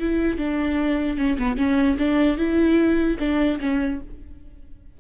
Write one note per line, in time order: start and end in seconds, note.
0.00 0.38 E4
0.38 1.17 D4
1.17 1.37 C#4
1.38 1.57 B3
1.57 1.97 C#4
1.99 2.37 D4
2.37 3.17 E4
3.19 3.59 D4
3.60 4.00 C#4